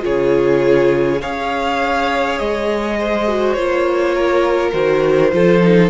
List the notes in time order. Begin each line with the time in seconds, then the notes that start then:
0.00 C#3 F4 G#4 C#5
1.21 C#4 G#4 C#5 F5
2.38 G#3 D#5
2.99 C5
3.27 F#4
3.52 A#3 F4 C#5
4.14 A#4
4.72 D#3 F#4 C5
5.32 F3 F4 A4
5.62 D#4